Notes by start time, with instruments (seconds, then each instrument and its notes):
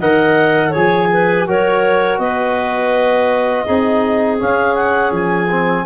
0.00 tuba D#3, trombone A#4, clarinet D#5 F#5
0.70 tuba F3, trombone G#4, clarinet C#5 G#5
1.12 clarinet B4
1.47 tuba F#3, trombone F#4, clarinet A#4 C#5
2.18 tuba B3, clarinet B4 D#5
3.65 tuba C4, trombone D#4, clarinet G#4
4.39 trombone C#4, tuba C#4, clarinet F5
4.75 clarinet F#5
5.11 tuba F3, clarinet G#5
5.50 trombone C4